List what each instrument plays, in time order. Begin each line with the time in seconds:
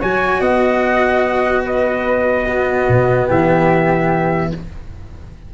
0.00 tuba F#3, cello F#4, flute C#5, trumpet G#5
0.40 tuba B3, flute D#5, trumpet F#5
1.64 flute B4, trumpet D#5
2.46 cello B3, flute F#4
2.88 tuba B2
3.27 tuba E3, flute G4, trumpet E5